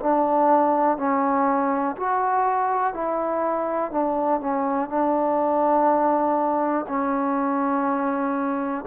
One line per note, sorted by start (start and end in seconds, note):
0.00 0.98 D4
0.98 1.96 C#4
1.97 2.94 F#4
2.94 3.92 E4
3.92 4.41 D4
4.41 4.90 C#4
4.90 6.86 D4
6.89 8.85 C#4